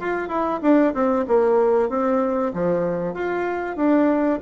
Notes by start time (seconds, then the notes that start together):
0.00 F4
0.29 E4
0.62 D4
0.94 C4
1.28 A#3
1.90 C4
2.54 F3
3.14 F4
3.77 D4